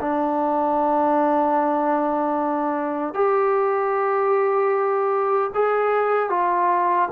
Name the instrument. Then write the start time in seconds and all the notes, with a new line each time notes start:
trombone
0.00 D4
3.14 G4
5.54 G#4
6.29 F4